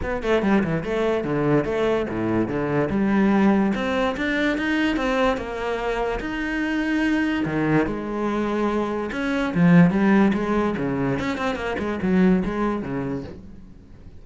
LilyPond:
\new Staff \with { instrumentName = "cello" } { \time 4/4 \tempo 4 = 145 b8 a8 g8 e8 a4 d4 | a4 a,4 d4 g4~ | g4 c'4 d'4 dis'4 | c'4 ais2 dis'4~ |
dis'2 dis4 gis4~ | gis2 cis'4 f4 | g4 gis4 cis4 cis'8 c'8 | ais8 gis8 fis4 gis4 cis4 | }